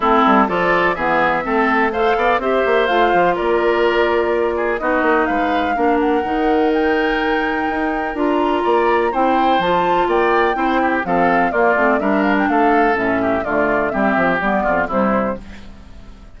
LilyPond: <<
  \new Staff \with { instrumentName = "flute" } { \time 4/4 \tempo 4 = 125 a'4 d''4 e''2 | f''4 e''4 f''4 d''4~ | d''2 dis''4 f''4~ | f''8 fis''4. g''2~ |
g''4 ais''2 g''4 | a''4 g''2 f''4 | d''4 e''8 f''16 g''16 f''4 e''4 | d''4 e''4 d''4 c''4 | }
  \new Staff \with { instrumentName = "oboe" } { \time 4/4 e'4 a'4 gis'4 a'4 | c''8 d''8 c''2 ais'4~ | ais'4. gis'8 fis'4 b'4 | ais'1~ |
ais'2 d''4 c''4~ | c''4 d''4 c''8 g'8 a'4 | f'4 ais'4 a'4. g'8 | f'4 g'4. f'8 e'4 | }
  \new Staff \with { instrumentName = "clarinet" } { \time 4/4 c'4 f'4 b4 c'4 | a'4 g'4 f'2~ | f'2 dis'2 | d'4 dis'2.~ |
dis'4 f'2 e'4 | f'2 e'4 c'4 | ais8 c'8 d'2 cis'4 | a4 c'4 b4 g4 | }
  \new Staff \with { instrumentName = "bassoon" } { \time 4/4 a8 g8 f4 e4 a4~ | a8 b8 c'8 ais8 a8 f8 ais4~ | ais2 b8 ais8 gis4 | ais4 dis2. |
dis'4 d'4 ais4 c'4 | f4 ais4 c'4 f4 | ais8 a8 g4 a4 a,4 | d4 g8 f8 g8 f,8 c4 | }
>>